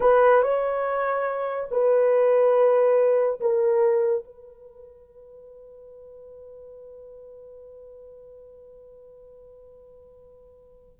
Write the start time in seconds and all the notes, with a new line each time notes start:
0.00 B4
0.42 C#5
1.71 B4
3.40 A#4
4.24 B4